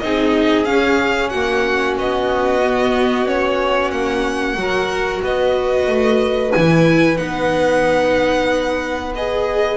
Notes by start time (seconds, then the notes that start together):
0.00 C4 D#4 G#4 D#5
0.65 C#4 F5
1.29 A#3 F#4 F#5
1.99 B3 D#5
2.62 B3
3.26 C#4 C#5
3.92 A#3 F#5
4.56 F#3 F#4 A#4
5.22 B3 B4 D#5
5.88 A3
6.52 E3 E4 G#5
7.17 B3 D#4 F#5
9.15 G#4 D#5